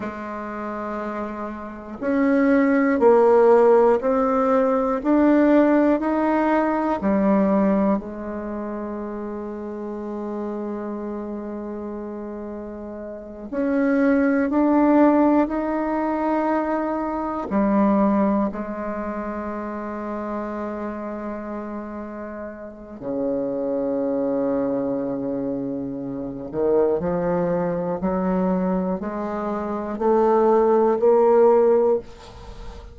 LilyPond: \new Staff \with { instrumentName = "bassoon" } { \time 4/4 \tempo 4 = 60 gis2 cis'4 ais4 | c'4 d'4 dis'4 g4 | gis1~ | gis4. cis'4 d'4 dis'8~ |
dis'4. g4 gis4.~ | gis2. cis4~ | cis2~ cis8 dis8 f4 | fis4 gis4 a4 ais4 | }